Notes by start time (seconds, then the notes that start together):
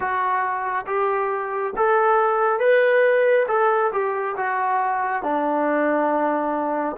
0.00 F#4
0.86 G4
1.76 A4
2.59 B4
3.48 A4
3.92 G4
4.36 F#4
5.22 D4